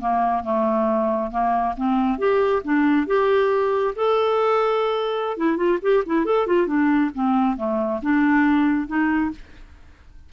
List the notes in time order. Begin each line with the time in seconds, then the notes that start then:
0.00 A#3
0.44 A3
1.31 A#3
1.77 C4
2.19 G4
2.64 D4
3.07 G4
3.96 A4
5.37 E4
5.57 F4
5.82 G4
6.06 E4
6.25 A4
6.47 F4
6.67 D4
7.14 C4
7.57 A3
8.02 D4
8.87 D#4